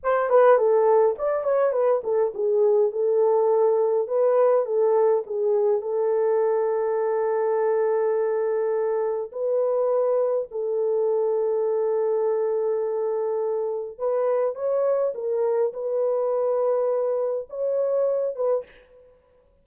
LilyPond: \new Staff \with { instrumentName = "horn" } { \time 4/4 \tempo 4 = 103 c''8 b'8 a'4 d''8 cis''8 b'8 a'8 | gis'4 a'2 b'4 | a'4 gis'4 a'2~ | a'1 |
b'2 a'2~ | a'1 | b'4 cis''4 ais'4 b'4~ | b'2 cis''4. b'8 | }